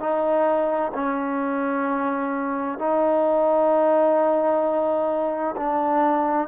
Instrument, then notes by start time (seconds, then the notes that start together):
trombone
0.00 D#4
0.94 C#4
2.79 D#4
5.57 D4